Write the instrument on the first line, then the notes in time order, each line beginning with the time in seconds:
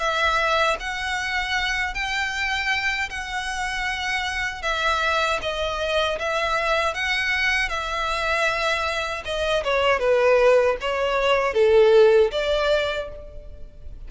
violin
0.00 E5
0.80 F#5
1.94 G5
3.10 F#5
4.63 E5
5.42 D#5
6.20 E5
6.94 F#5
7.70 E5
9.26 D#5
9.64 C#5
10.00 B4
10.81 C#5
11.55 A4
12.32 D5